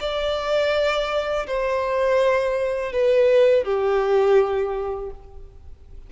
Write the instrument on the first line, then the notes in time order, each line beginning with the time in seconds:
violin
0.00 D5
1.47 C5
2.92 B4
3.64 G4